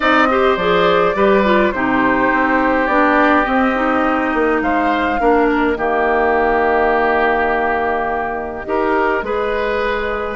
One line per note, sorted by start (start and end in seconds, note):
0.00 0.56 C4
0.00 0.29 D#4
0.00 0.27 D5
0.00 0.56 D#5
0.29 0.58 G4
0.29 1.16 C5
0.56 1.14 F3
0.56 1.14 G#4
0.56 1.72 D5
1.14 1.72 G3
1.14 1.43 G4
1.14 1.73 B4
1.44 1.73 F4
1.72 2.30 C3
1.72 2.89 D#4
1.72 4.63 G4
1.72 2.87 C5
2.32 2.87 C4
2.87 3.45 B3
2.87 3.44 D4
2.87 3.44 D5
3.44 3.73 C4
3.44 4.34 C4
3.44 4.60 D#5
3.74 5.18 D#4
4.34 4.61 A#3
4.61 5.19 G#3
4.61 5.20 C5
4.61 5.48 F5
5.18 5.76 A#3
5.18 5.76 D4
5.18 5.77 A#4
5.48 10.35 D#5
5.76 8.65 D#3
5.76 8.65 A#3
5.76 8.66 G4
8.65 9.22 D#4
8.65 9.23 G4
8.65 9.24 A#4
9.22 10.35 G#3
9.22 10.35 G#4
9.22 10.35 B4